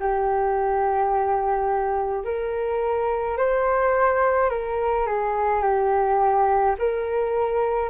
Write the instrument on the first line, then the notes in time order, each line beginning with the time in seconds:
flute
0.00 G4
2.25 A#4
3.38 C5
4.50 A#4
5.07 G#4
5.62 G4
6.79 A#4